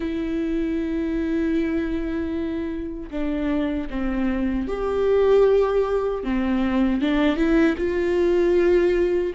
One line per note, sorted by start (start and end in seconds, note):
0.00 3.10 E4
3.10 3.88 D4
3.90 4.68 C4
4.68 6.23 G4
6.23 7.01 C4
7.01 7.36 D4
7.36 7.75 E4
7.77 9.33 F4